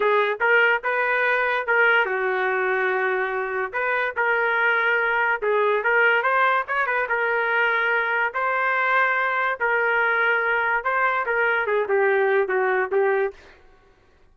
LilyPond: \new Staff \with { instrumentName = "trumpet" } { \time 4/4 \tempo 4 = 144 gis'4 ais'4 b'2 | ais'4 fis'2.~ | fis'4 b'4 ais'2~ | ais'4 gis'4 ais'4 c''4 |
cis''8 b'8 ais'2. | c''2. ais'4~ | ais'2 c''4 ais'4 | gis'8 g'4. fis'4 g'4 | }